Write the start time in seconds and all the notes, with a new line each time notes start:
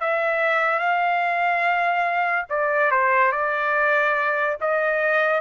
0.00 E5
0.79 F5
2.50 D5
2.91 C5
3.32 D5
4.61 D#5